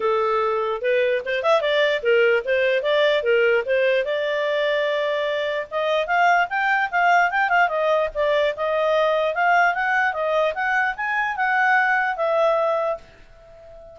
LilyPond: \new Staff \with { instrumentName = "clarinet" } { \time 4/4 \tempo 4 = 148 a'2 b'4 c''8 e''8 | d''4 ais'4 c''4 d''4 | ais'4 c''4 d''2~ | d''2 dis''4 f''4 |
g''4 f''4 g''8 f''8 dis''4 | d''4 dis''2 f''4 | fis''4 dis''4 fis''4 gis''4 | fis''2 e''2 | }